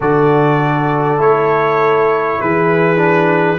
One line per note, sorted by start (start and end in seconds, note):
0.00 1.19 D3
0.00 1.18 F#4
0.00 2.39 A4
0.00 1.21 D5
1.18 2.39 A3
1.18 2.96 E4
1.18 2.40 C#5
2.40 3.59 E3
2.40 3.59 G#4
2.40 3.59 B4
2.96 3.56 D4